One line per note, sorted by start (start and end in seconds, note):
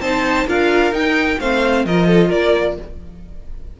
0.00 0.46 C4
0.00 0.47 D#4
0.00 0.47 C5
0.00 0.47 A5
0.47 0.92 D4
0.47 0.92 F4
0.47 1.39 A#4
0.47 0.94 F5
0.92 1.37 D#4
0.92 1.38 D#4
0.92 1.39 G5
1.39 1.85 A3
1.39 1.87 C4
1.39 1.85 C5
1.39 1.85 F5
1.85 2.30 F3
1.85 2.80 F4
1.85 2.07 A#4
1.85 2.31 D#5
2.07 2.28 A4
2.28 2.77 A#3
2.28 2.74 A#4
2.28 2.77 D5